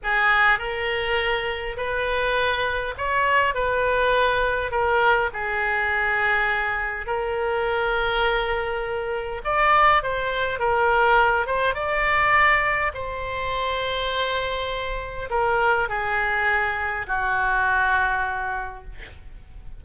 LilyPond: \new Staff \with { instrumentName = "oboe" } { \time 4/4 \tempo 4 = 102 gis'4 ais'2 b'4~ | b'4 cis''4 b'2 | ais'4 gis'2. | ais'1 |
d''4 c''4 ais'4. c''8 | d''2 c''2~ | c''2 ais'4 gis'4~ | gis'4 fis'2. | }